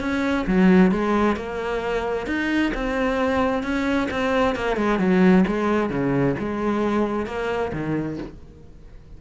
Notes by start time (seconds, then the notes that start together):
0.00 C#4
0.46 F#3
0.91 G#3
1.36 A#3
2.26 D#4
2.74 C4
3.63 C#4
4.10 C4
4.55 A#3
4.76 G#3
4.99 F#3
5.47 G#3
5.89 C#3
6.38 G#3
7.26 A#3
7.72 D#3